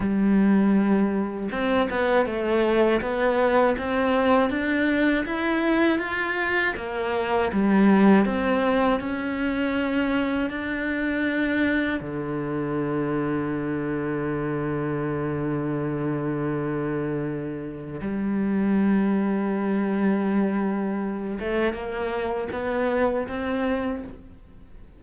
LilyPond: \new Staff \with { instrumentName = "cello" } { \time 4/4 \tempo 4 = 80 g2 c'8 b8 a4 | b4 c'4 d'4 e'4 | f'4 ais4 g4 c'4 | cis'2 d'2 |
d1~ | d1 | g1~ | g8 a8 ais4 b4 c'4 | }